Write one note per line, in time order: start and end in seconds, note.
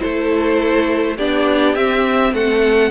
0.00 1.19 A3
0.00 1.17 E4
0.00 1.17 A4
0.00 1.18 C5
1.17 1.75 B3
1.17 1.76 D4
1.17 2.33 G4
1.17 1.76 D5
1.75 2.33 C4
1.75 2.91 C4
1.75 2.34 E5
2.33 2.91 A3
2.33 2.91 A4
2.33 2.91 F#5